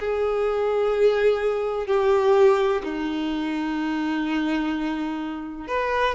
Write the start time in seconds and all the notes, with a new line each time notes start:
0.00 G#4
1.87 G4
2.84 D#4
5.68 B4